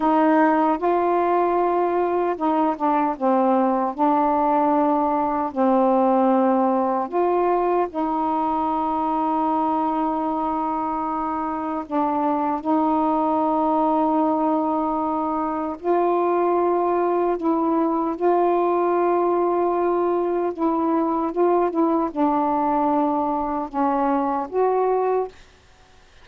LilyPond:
\new Staff \with { instrumentName = "saxophone" } { \time 4/4 \tempo 4 = 76 dis'4 f'2 dis'8 d'8 | c'4 d'2 c'4~ | c'4 f'4 dis'2~ | dis'2. d'4 |
dis'1 | f'2 e'4 f'4~ | f'2 e'4 f'8 e'8 | d'2 cis'4 fis'4 | }